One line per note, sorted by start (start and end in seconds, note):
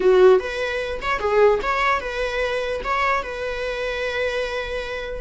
0.00 0.39 F#4
0.39 1.00 B4
1.01 1.19 C#5
1.19 1.59 G#4
1.62 2.00 C#5
2.00 2.81 B4
2.84 3.23 C#5
3.23 5.21 B4